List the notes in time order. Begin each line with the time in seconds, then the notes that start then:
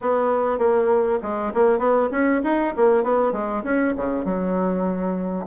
0.01 B3
0.58 A#3
1.22 G#3
1.54 A#3
1.79 B3
2.11 C#4
2.43 D#4
2.76 A#3
3.03 B3
3.32 G#3
3.63 C#4
3.96 C#3
4.24 F#3